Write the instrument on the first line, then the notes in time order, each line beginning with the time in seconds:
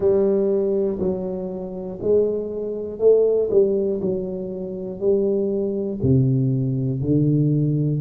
tuba
0.00 G3
0.99 F#3
2.01 G#3
2.99 A3
3.50 G3
4.00 F#3
5.00 G3
6.02 C3
7.00 D3